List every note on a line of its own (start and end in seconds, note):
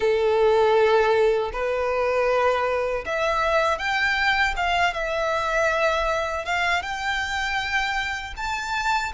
0.00 1.51 A4
1.52 3.04 B4
3.05 3.78 E5
3.78 4.54 G5
4.56 4.93 F5
4.93 6.45 E5
6.45 6.82 F5
6.82 8.34 G5
8.36 9.12 A5